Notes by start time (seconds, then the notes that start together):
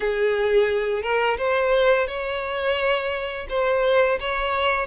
0.00 G#4
1.02 A#4
1.37 C5
2.07 C#5
3.49 C5
4.20 C#5